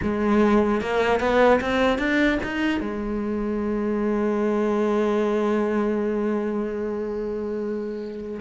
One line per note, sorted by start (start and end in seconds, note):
0.02 0.81 G#3
0.81 1.19 A#3
1.19 1.59 B3
1.60 1.98 C4
1.98 2.38 D4
2.43 2.80 D#4
2.80 8.40 G#3